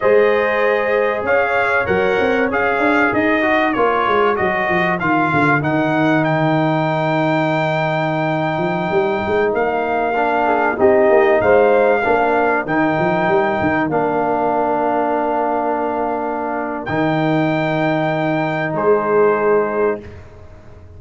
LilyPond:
<<
  \new Staff \with { instrumentName = "trumpet" } { \time 4/4 \tempo 4 = 96 dis''2 f''4 fis''4 | f''4 dis''4 cis''4 dis''4 | f''4 fis''4 g''2~ | g''2.~ g''16 f''8.~ |
f''4~ f''16 dis''4 f''4.~ f''16~ | f''16 g''2 f''4.~ f''16~ | f''2. g''4~ | g''2 c''2 | }
  \new Staff \with { instrumentName = "horn" } { \time 4/4 c''2 cis''2~ | cis''4 ais'2.~ | ais'1~ | ais'1~ |
ais'8. gis'8 g'4 c''4 ais'8.~ | ais'1~ | ais'1~ | ais'2 gis'2 | }
  \new Staff \with { instrumentName = "trombone" } { \time 4/4 gis'2. ais'4 | gis'4. fis'8 f'4 fis'4 | f'4 dis'2.~ | dis'1~ |
dis'16 d'4 dis'2 d'8.~ | d'16 dis'2 d'4.~ d'16~ | d'2. dis'4~ | dis'1 | }
  \new Staff \with { instrumentName = "tuba" } { \time 4/4 gis2 cis'4 fis8 c'8 | cis'8 d'8 dis'4 ais8 gis8 fis8 f8 | dis8 d8 dis2.~ | dis4.~ dis16 f8 g8 gis8 ais8.~ |
ais4~ ais16 c'8 ais8 gis4 ais8.~ | ais16 dis8 f8 g8 dis8 ais4.~ ais16~ | ais2. dis4~ | dis2 gis2 | }
>>